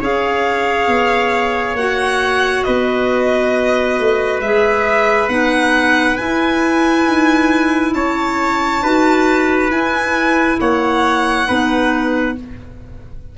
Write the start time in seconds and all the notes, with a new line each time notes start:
0.00 C#4 G#4 C#5 F5
0.87 B3
1.73 A#3 F#4 F#5
2.64 B3 B4 D#5
3.99 A3
4.40 G#3 G#4 E5
5.28 B3 D#4 F#5
6.17 E4 G#5
7.07 D#4
7.94 C#4 C#5 A5
8.82 D#4 F#4 B4
9.69 E4 G#5
10.60 A#3 C#5 F#5
11.47 B3 D#4 B4